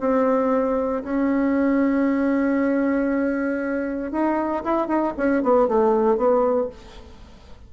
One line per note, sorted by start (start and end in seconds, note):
0.00 1.03 C4
1.04 4.12 C#4
4.12 4.63 D#4
4.64 4.88 E4
4.88 5.13 D#4
5.17 5.43 C#4
5.43 5.68 B3
5.68 6.17 A3
6.17 6.69 B3